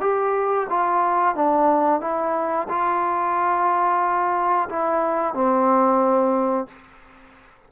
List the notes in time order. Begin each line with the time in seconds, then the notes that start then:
0.00 G4
0.69 F4
1.35 D4
2.01 E4
2.68 F4
4.69 E4
5.34 C4